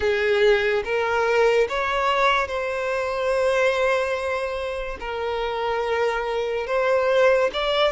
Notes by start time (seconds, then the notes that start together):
0.00 G#4
0.84 A#4
1.69 C#5
2.47 C5
5.00 A#4
6.67 C5
7.53 D5